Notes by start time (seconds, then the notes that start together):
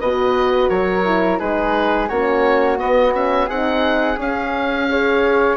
0.00 B2 F#4 B4 D#5
0.69 F#3 A#4 C#5
1.05 E4
1.39 G#3 D#4 G#4 B4
2.08 A#3 C#4 F#4 C#5
2.78 B3 D#5
3.13 C#4 E5
3.46 C4 D#4 G#4 F#5
4.17 C#4 F5
4.89 G#4 C#5